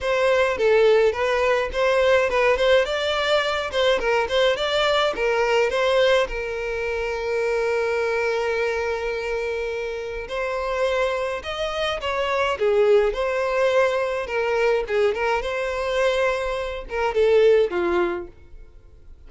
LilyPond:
\new Staff \with { instrumentName = "violin" } { \time 4/4 \tempo 4 = 105 c''4 a'4 b'4 c''4 | b'8 c''8 d''4. c''8 ais'8 c''8 | d''4 ais'4 c''4 ais'4~ | ais'1~ |
ais'2 c''2 | dis''4 cis''4 gis'4 c''4~ | c''4 ais'4 gis'8 ais'8 c''4~ | c''4. ais'8 a'4 f'4 | }